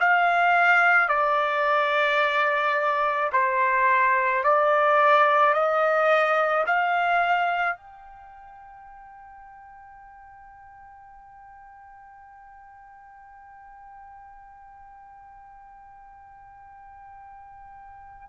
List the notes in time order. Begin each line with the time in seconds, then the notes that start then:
0.00 F5
1.09 D5
3.32 C5
4.43 D5
5.54 D#5
6.67 F5
7.77 G5